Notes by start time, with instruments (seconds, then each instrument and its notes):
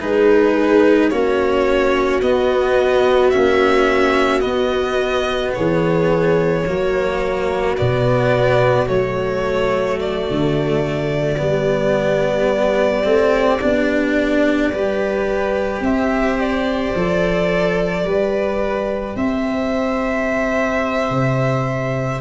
0.00 tuba G#3, cello D#4, viola G#4, violin B4
1.09 tuba A#3, cello C#4, viola F#4, violin C#5
2.21 tuba B3, cello B3, violin D#5
3.30 cello C#4, violin E5
3.36 tuba A#3
4.40 cello B3, tuba B3, violin D#5
5.54 tuba E3, viola G#4, violin C#5
6.66 tuba F#3, cello A#3, viola F#4
7.77 tuba B2, cello B3, violin D5
8.86 tuba F#3, cello A3, violin C#5
10.00 violin D5
10.30 tuba D3
11.37 tuba G3, cello B3, viola G4
13.03 tuba A3, cello C4
13.61 tuba B3, cello D4
14.72 tuba G3, cello G4, viola B4
15.80 tuba C4, viola C5, violin E5
16.40 violin D5
16.95 tuba F3, cello A4
18.04 tuba G3, cello G4, viola B4
19.16 tuba C4, viola C5, violin E5
21.10 tuba C3